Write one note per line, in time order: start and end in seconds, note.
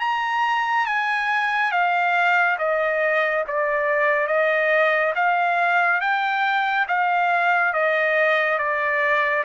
0.00 0.86 A#5
0.86 1.71 G#5
1.71 2.57 F5
2.58 3.44 D#5
3.48 4.27 D5
4.27 5.13 D#5
5.15 6.01 F5
6.01 6.86 G5
6.88 7.73 F5
7.73 8.58 D#5
8.58 9.44 D5